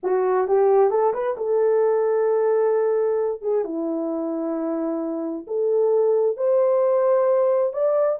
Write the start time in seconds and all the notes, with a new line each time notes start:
0.03 F#4
0.47 G4
0.90 A4
1.13 B4
1.37 A4
3.41 G#4
3.64 E4
5.47 A4
6.36 C5
7.73 D5